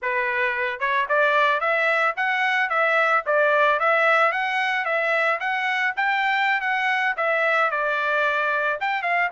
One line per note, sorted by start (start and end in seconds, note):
0.01 0.79 B4
0.79 1.06 C#5
1.09 1.60 D5
1.60 2.14 E5
2.16 2.69 F#5
2.69 3.23 E5
3.26 3.79 D5
3.79 4.32 E5
4.32 4.85 F#5
4.85 5.39 E5
5.39 5.93 F#5
5.96 6.60 G5
6.60 7.14 F#5
7.16 7.71 E5
7.71 8.79 D5
8.80 9.02 G5
9.02 9.29 F5